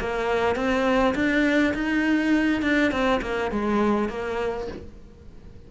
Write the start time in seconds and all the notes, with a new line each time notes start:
0.00 A#3
0.56 C4
1.15 D4
1.74 D#4
2.62 D4
2.92 C4
3.22 A#3
3.52 G#3
4.09 A#3